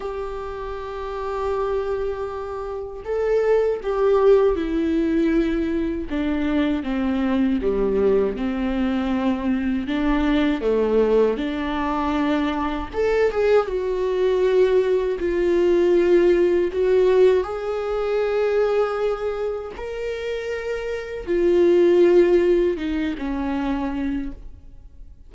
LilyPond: \new Staff \with { instrumentName = "viola" } { \time 4/4 \tempo 4 = 79 g'1 | a'4 g'4 e'2 | d'4 c'4 g4 c'4~ | c'4 d'4 a4 d'4~ |
d'4 a'8 gis'8 fis'2 | f'2 fis'4 gis'4~ | gis'2 ais'2 | f'2 dis'8 cis'4. | }